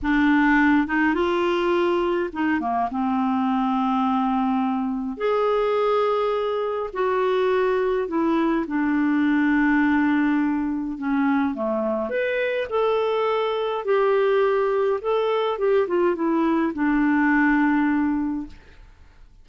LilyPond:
\new Staff \with { instrumentName = "clarinet" } { \time 4/4 \tempo 4 = 104 d'4. dis'8 f'2 | dis'8 ais8 c'2.~ | c'4 gis'2. | fis'2 e'4 d'4~ |
d'2. cis'4 | a4 b'4 a'2 | g'2 a'4 g'8 f'8 | e'4 d'2. | }